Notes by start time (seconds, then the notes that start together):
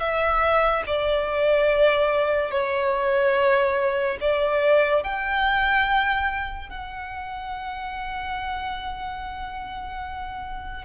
0.00 E5
0.87 D5
2.51 C#5
4.21 D5
5.04 G5
6.70 F#5